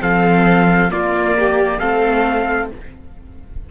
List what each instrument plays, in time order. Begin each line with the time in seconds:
0.00 cello F3, viola C4, violin A4, trumpet F5
0.90 viola A#3, cello A#3, violin F4, trumpet D5
1.39 violin G4
1.79 cello A3, viola C4, violin A4, trumpet F5